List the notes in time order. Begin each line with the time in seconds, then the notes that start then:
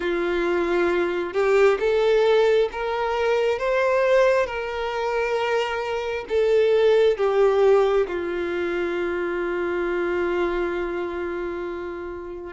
0.00 F4
1.33 G4
1.79 A4
2.72 A#4
3.58 C5
4.46 A#4
6.28 A4
7.17 G4
8.07 F4